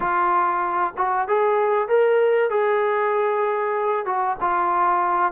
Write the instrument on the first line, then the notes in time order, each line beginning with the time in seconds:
trombone
0.00 F4
0.97 F#4
1.28 G#4
1.88 A#4
2.50 G#4
4.05 F#4
4.40 F4